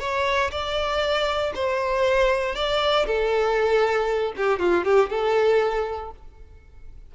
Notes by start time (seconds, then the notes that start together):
0.00 C#5
0.51 D5
1.55 C5
2.55 D5
3.06 A4
4.37 G4
4.59 F4
4.85 G4
5.10 A4